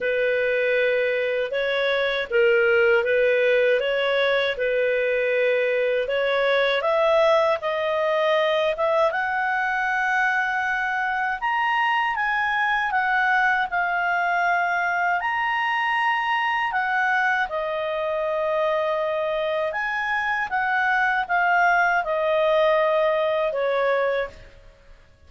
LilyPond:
\new Staff \with { instrumentName = "clarinet" } { \time 4/4 \tempo 4 = 79 b'2 cis''4 ais'4 | b'4 cis''4 b'2 | cis''4 e''4 dis''4. e''8 | fis''2. ais''4 |
gis''4 fis''4 f''2 | ais''2 fis''4 dis''4~ | dis''2 gis''4 fis''4 | f''4 dis''2 cis''4 | }